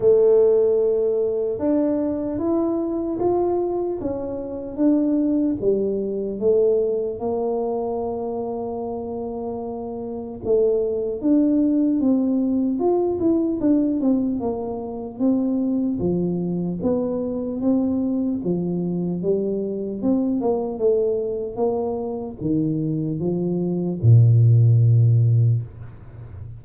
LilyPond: \new Staff \with { instrumentName = "tuba" } { \time 4/4 \tempo 4 = 75 a2 d'4 e'4 | f'4 cis'4 d'4 g4 | a4 ais2.~ | ais4 a4 d'4 c'4 |
f'8 e'8 d'8 c'8 ais4 c'4 | f4 b4 c'4 f4 | g4 c'8 ais8 a4 ais4 | dis4 f4 ais,2 | }